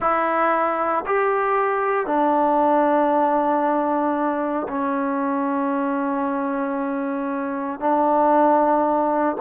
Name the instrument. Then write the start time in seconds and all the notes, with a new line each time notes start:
trombone
0.00 E4
1.06 G4
2.06 D4
4.68 C#4
7.80 D4